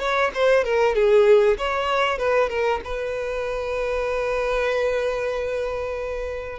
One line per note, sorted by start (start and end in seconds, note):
0.00 0.31 C#5
0.34 0.64 C5
0.64 0.95 A#4
0.95 1.58 G#4
1.58 2.18 C#5
2.18 2.50 B4
2.50 2.81 A#4
2.84 6.59 B4